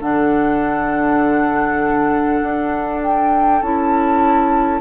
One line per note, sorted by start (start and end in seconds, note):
0.00 2.41 D3
0.00 3.60 D4
0.00 4.80 A4
0.00 3.02 F#5
2.42 3.62 D4
3.02 3.62 G5
3.62 4.81 C#4
3.62 4.81 E4
3.62 4.81 A5